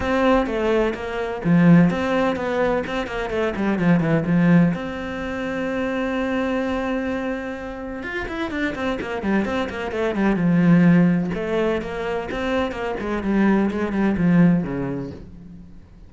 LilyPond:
\new Staff \with { instrumentName = "cello" } { \time 4/4 \tempo 4 = 127 c'4 a4 ais4 f4 | c'4 b4 c'8 ais8 a8 g8 | f8 e8 f4 c'2~ | c'1~ |
c'4 f'8 e'8 d'8 c'8 ais8 g8 | c'8 ais8 a8 g8 f2 | a4 ais4 c'4 ais8 gis8 | g4 gis8 g8 f4 cis4 | }